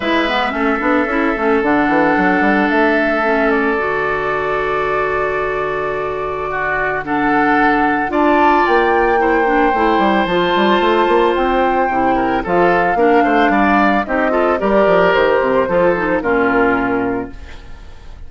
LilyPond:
<<
  \new Staff \with { instrumentName = "flute" } { \time 4/4 \tempo 4 = 111 e''2. fis''4~ | fis''4 e''4. d''4.~ | d''1~ | d''4 fis''2 a''4 |
g''2. a''4~ | a''4 g''2 f''4~ | f''2 dis''4 d''4 | c''2 ais'2 | }
  \new Staff \with { instrumentName = "oboe" } { \time 4/4 b'4 a'2.~ | a'1~ | a'1 | fis'4 a'2 d''4~ |
d''4 c''2.~ | c''2~ c''8 ais'8 a'4 | ais'8 c''8 d''4 g'8 a'8 ais'4~ | ais'4 a'4 f'2 | }
  \new Staff \with { instrumentName = "clarinet" } { \time 4/4 e'8 b8 cis'8 d'8 e'8 cis'8 d'4~ | d'2 cis'4 fis'4~ | fis'1~ | fis'4 d'2 f'4~ |
f'4 e'8 d'8 e'4 f'4~ | f'2 e'4 f'4 | d'2 dis'8 f'8 g'4~ | g'4 f'8 dis'8 cis'2 | }
  \new Staff \with { instrumentName = "bassoon" } { \time 4/4 gis4 a8 b8 cis'8 a8 d8 e8 | fis8 g8 a2 d4~ | d1~ | d2. d'4 |
ais2 a8 g8 f8 g8 | a8 ais8 c'4 c4 f4 | ais8 a8 g4 c'4 g8 f8 | dis8 c8 f4 ais,2 | }
>>